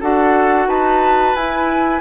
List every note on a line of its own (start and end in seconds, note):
0.00 0.67 D4
0.00 1.36 F#4
0.00 0.67 A4
0.00 0.68 F#5
0.67 1.34 D#4
0.67 2.01 B4
0.67 1.35 A5
1.35 2.01 E4
1.35 2.01 G#5